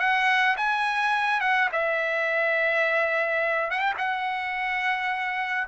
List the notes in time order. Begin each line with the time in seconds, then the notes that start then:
0.00 F#5
0.57 G#5
1.41 F#5
1.73 E5
3.71 F#5
3.80 G5
3.98 F#5